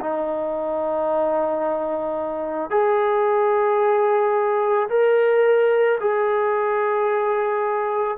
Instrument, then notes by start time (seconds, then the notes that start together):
trombone
0.00 D#4
2.70 G#4
4.89 A#4
6.00 G#4